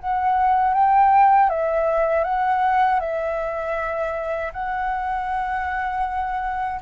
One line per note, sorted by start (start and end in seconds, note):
0.00 0.74 F#5
0.74 1.50 G5
1.50 2.24 E5
2.24 3.00 F#5
3.00 4.52 E5
4.53 6.81 F#5